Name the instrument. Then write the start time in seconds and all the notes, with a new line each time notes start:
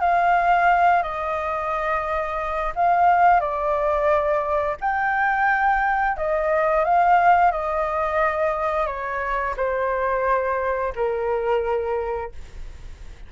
flute
0.00 F5
1.02 D#5
2.75 F5
3.40 D5
4.80 G5
6.16 D#5
6.84 F5
7.51 D#5
8.86 C#5
9.56 C5
10.95 A#4